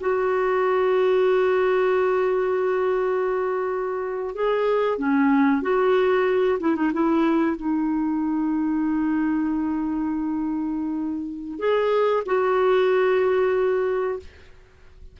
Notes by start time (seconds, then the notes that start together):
0.00 F#4
4.35 G#4
4.98 C#4
5.61 F#4
6.60 E4
6.76 D#4
6.93 E4
7.56 D#4
11.59 G#4
12.26 F#4